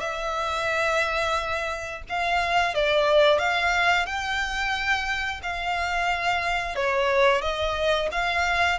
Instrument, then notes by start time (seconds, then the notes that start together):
violin
0.00 E5
2.09 F5
2.75 D5
3.39 F5
4.06 G5
5.43 F5
6.75 C#5
7.41 D#5
8.11 F5